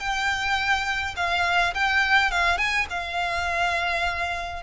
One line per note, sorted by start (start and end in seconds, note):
0.00 1.15 G5
1.17 1.74 F5
1.74 2.32 G5
2.32 2.58 F5
2.58 2.87 G#5
2.90 4.63 F5